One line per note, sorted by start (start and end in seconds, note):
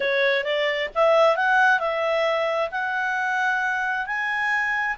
0.00 0.44 C#5
0.44 0.89 D5
0.94 1.36 E5
1.36 1.79 F#5
1.79 2.69 E5
2.71 4.06 F#5
4.06 4.96 G#5